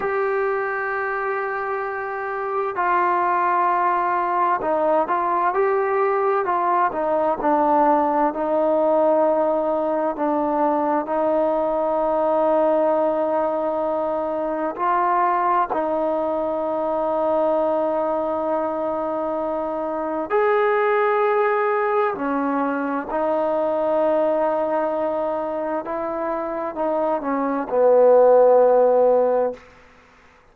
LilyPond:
\new Staff \with { instrumentName = "trombone" } { \time 4/4 \tempo 4 = 65 g'2. f'4~ | f'4 dis'8 f'8 g'4 f'8 dis'8 | d'4 dis'2 d'4 | dis'1 |
f'4 dis'2.~ | dis'2 gis'2 | cis'4 dis'2. | e'4 dis'8 cis'8 b2 | }